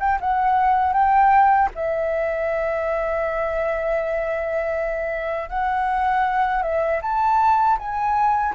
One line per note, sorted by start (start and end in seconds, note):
0.00 0.19 G5
0.21 0.93 F#5
0.93 1.69 G5
1.75 5.49 E5
5.49 6.62 F#5
6.62 7.00 E5
7.02 7.78 A5
7.78 8.54 G#5